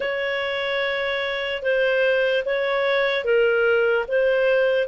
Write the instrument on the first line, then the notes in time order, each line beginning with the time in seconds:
clarinet
0.00 C#5
1.62 C5
2.45 C#5
3.24 A#4
4.08 C5